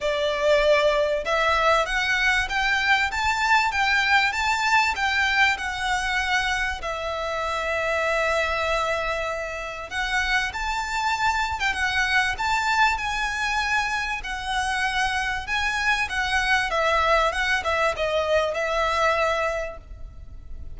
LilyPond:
\new Staff \with { instrumentName = "violin" } { \time 4/4 \tempo 4 = 97 d''2 e''4 fis''4 | g''4 a''4 g''4 a''4 | g''4 fis''2 e''4~ | e''1 |
fis''4 a''4.~ a''16 g''16 fis''4 | a''4 gis''2 fis''4~ | fis''4 gis''4 fis''4 e''4 | fis''8 e''8 dis''4 e''2 | }